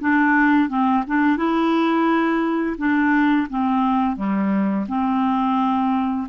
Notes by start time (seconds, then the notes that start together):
0.00 D4
0.68 C4
1.07 D4
1.36 E4
2.77 D4
3.49 C4
4.16 G3
4.88 C4